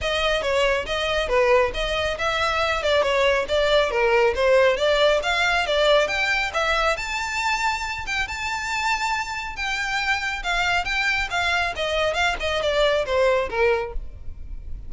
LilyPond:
\new Staff \with { instrumentName = "violin" } { \time 4/4 \tempo 4 = 138 dis''4 cis''4 dis''4 b'4 | dis''4 e''4. d''8 cis''4 | d''4 ais'4 c''4 d''4 | f''4 d''4 g''4 e''4 |
a''2~ a''8 g''8 a''4~ | a''2 g''2 | f''4 g''4 f''4 dis''4 | f''8 dis''8 d''4 c''4 ais'4 | }